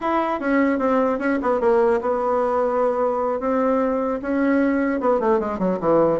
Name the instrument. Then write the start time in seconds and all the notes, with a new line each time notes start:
bassoon
0.01 E4
0.39 C#4
0.78 C4
1.18 C#4
1.41 B3
1.60 A#3
2.01 B3
3.40 C4
4.21 C#4
5.00 B3
5.19 A3
5.39 G#3
5.59 F#3
5.80 E3